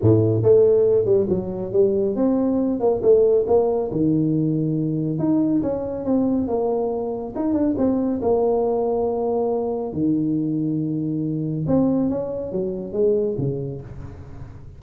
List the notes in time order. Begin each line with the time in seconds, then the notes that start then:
0.01 A2
0.42 A3
1.05 G3
1.29 F#3
1.72 G3
2.15 C4
2.80 A#3
3.02 A3
3.47 A#3
3.91 D#3
5.18 D#4
5.62 C#4
6.05 C4
6.47 A#3
7.35 D#4
7.53 D4
7.77 C4
8.21 A#3
9.93 D#3
11.67 C4
12.09 C#4
12.51 F#3
12.92 G#3
13.38 C#3